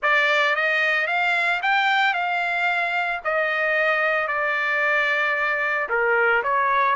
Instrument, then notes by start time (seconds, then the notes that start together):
trumpet
0.02 D5
0.55 D#5
1.07 F5
1.62 G5
2.13 F5
3.24 D#5
4.27 D5
5.89 A#4
6.43 C#5